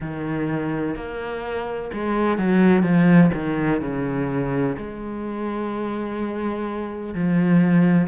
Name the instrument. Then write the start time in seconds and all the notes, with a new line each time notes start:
cello
0.00 D#3
0.95 A#3
1.93 G#3
2.38 F#3
2.82 F3
3.33 D#3
3.81 C#3
4.77 G#3
7.14 F3